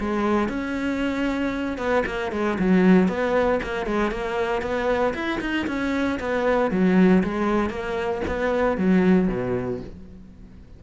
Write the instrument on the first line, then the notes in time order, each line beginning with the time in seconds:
cello
0.00 G#3
0.49 C#4
1.78 B3
2.06 A#3
2.32 G#3
2.59 F#3
3.08 B3
3.63 A#3
3.87 G#3
4.11 A#3
4.62 B3
5.14 E4
5.41 D#4
5.67 C#4
6.20 B3
6.71 F#3
7.24 G#3
7.70 A#3
8.28 B3
8.78 F#3
9.29 B2